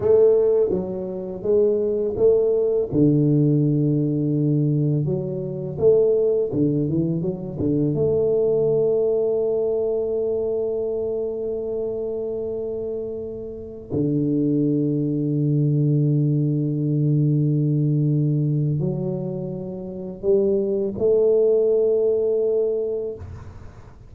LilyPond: \new Staff \with { instrumentName = "tuba" } { \time 4/4 \tempo 4 = 83 a4 fis4 gis4 a4 | d2. fis4 | a4 d8 e8 fis8 d8 a4~ | a1~ |
a2.~ a16 d8.~ | d1~ | d2 fis2 | g4 a2. | }